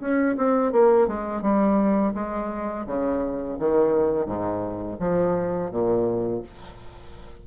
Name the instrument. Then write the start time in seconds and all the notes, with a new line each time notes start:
bassoon
0.00 C#4
0.37 C4
0.72 A#3
1.07 G#3
1.42 G3
2.14 G#3
2.86 C#3
3.59 D#3
4.26 G#2
4.99 F3
5.71 A#2